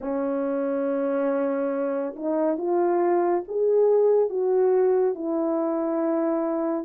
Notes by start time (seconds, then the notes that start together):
0.00 C#4
2.15 D#4
2.57 F4
3.48 G#4
4.29 F#4
5.14 E4